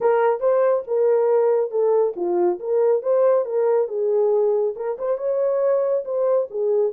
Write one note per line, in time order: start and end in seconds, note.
0.00 0.40 A#4
0.40 0.83 C5
0.87 1.70 A#4
1.70 2.13 A4
2.16 2.59 F4
2.59 3.02 A#4
3.02 3.45 C5
3.45 3.88 A#4
3.88 4.74 G#4
4.76 4.97 A#4
4.98 5.17 C5
5.17 6.04 C#5
6.05 6.48 C5
6.50 6.92 G#4